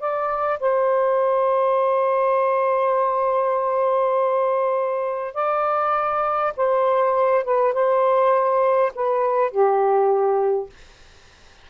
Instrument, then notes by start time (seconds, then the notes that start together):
saxophone
0.00 D5
0.60 C5
5.34 D5
6.57 C5
7.44 B4
7.74 C5
8.95 B4
9.51 G4